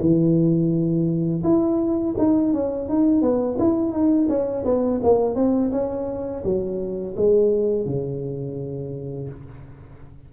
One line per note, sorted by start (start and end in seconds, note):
0.00 1.43 E3
1.44 2.15 E4
2.18 2.53 D#4
2.53 2.89 C#4
2.89 3.21 D#4
3.21 3.57 B3
3.59 3.92 E4
3.92 4.28 D#4
4.29 4.65 C#4
4.65 5.01 B3
5.04 5.35 A#3
5.35 5.71 C4
5.72 6.43 C#4
6.44 7.15 F#3
7.17 7.86 G#3
7.86 9.29 C#3